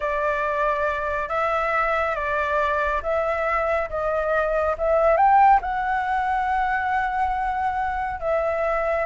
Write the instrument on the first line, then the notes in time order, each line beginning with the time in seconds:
flute
0.00 D5
1.29 E5
2.15 D5
3.02 E5
3.89 D#5
4.78 E5
5.17 G5
5.61 F#5
8.20 E5